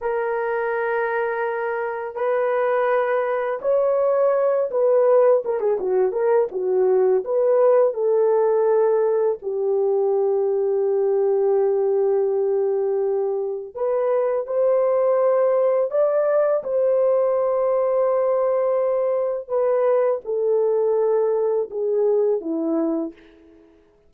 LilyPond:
\new Staff \with { instrumentName = "horn" } { \time 4/4 \tempo 4 = 83 ais'2. b'4~ | b'4 cis''4. b'4 ais'16 gis'16 | fis'8 ais'8 fis'4 b'4 a'4~ | a'4 g'2.~ |
g'2. b'4 | c''2 d''4 c''4~ | c''2. b'4 | a'2 gis'4 e'4 | }